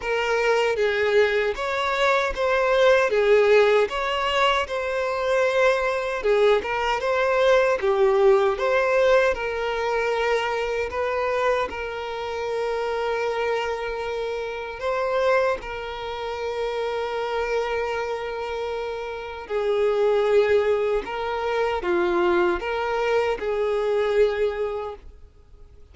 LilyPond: \new Staff \with { instrumentName = "violin" } { \time 4/4 \tempo 4 = 77 ais'4 gis'4 cis''4 c''4 | gis'4 cis''4 c''2 | gis'8 ais'8 c''4 g'4 c''4 | ais'2 b'4 ais'4~ |
ais'2. c''4 | ais'1~ | ais'4 gis'2 ais'4 | f'4 ais'4 gis'2 | }